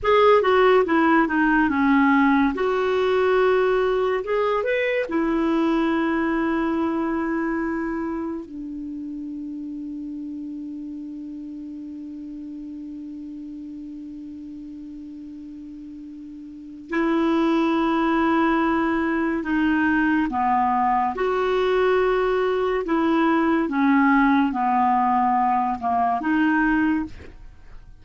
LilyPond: \new Staff \with { instrumentName = "clarinet" } { \time 4/4 \tempo 4 = 71 gis'8 fis'8 e'8 dis'8 cis'4 fis'4~ | fis'4 gis'8 b'8 e'2~ | e'2 d'2~ | d'1~ |
d'1 | e'2. dis'4 | b4 fis'2 e'4 | cis'4 b4. ais8 dis'4 | }